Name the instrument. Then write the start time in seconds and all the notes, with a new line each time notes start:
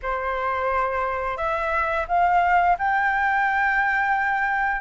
flute
0.02 C5
1.37 E5
2.08 F5
2.78 G5